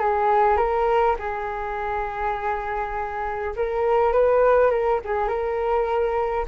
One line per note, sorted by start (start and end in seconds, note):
0.00 0.57 G#4
0.57 1.16 A#4
1.20 3.55 G#4
3.57 4.13 A#4
4.13 4.71 B4
4.71 5.01 A#4
5.05 5.28 G#4
5.28 6.46 A#4